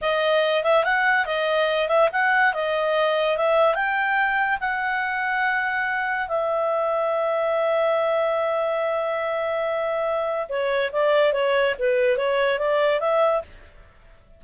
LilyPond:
\new Staff \with { instrumentName = "clarinet" } { \time 4/4 \tempo 4 = 143 dis''4. e''8 fis''4 dis''4~ | dis''8 e''8 fis''4 dis''2 | e''4 g''2 fis''4~ | fis''2. e''4~ |
e''1~ | e''1~ | e''4 cis''4 d''4 cis''4 | b'4 cis''4 d''4 e''4 | }